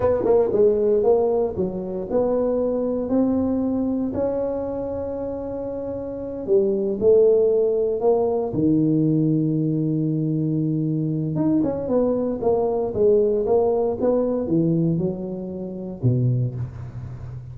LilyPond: \new Staff \with { instrumentName = "tuba" } { \time 4/4 \tempo 4 = 116 b8 ais8 gis4 ais4 fis4 | b2 c'2 | cis'1~ | cis'8 g4 a2 ais8~ |
ais8 dis2.~ dis8~ | dis2 dis'8 cis'8 b4 | ais4 gis4 ais4 b4 | e4 fis2 b,4 | }